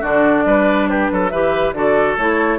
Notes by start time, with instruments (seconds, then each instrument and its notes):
0.00 bassoon D3, clarinet D4, oboe F#4, flute D5
0.45 bassoon G3, oboe B4
0.89 oboe G4, flute B4
1.11 bassoon F#3, oboe A4
1.29 bassoon E3, clarinet G4, oboe B4, flute E5
1.73 bassoon D3, clarinet F#4, oboe A4, flute D5
2.16 bassoon A3, clarinet E4, flute C#5